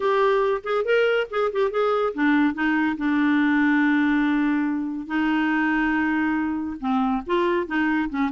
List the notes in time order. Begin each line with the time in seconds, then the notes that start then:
0.00 G4
0.63 G#4
0.84 A#4
1.30 G#4
1.52 G4
1.70 G#4
2.14 D4
2.54 D#4
2.97 D4
5.06 D#4
6.79 C4
7.26 F4
7.66 D#4
8.09 C#4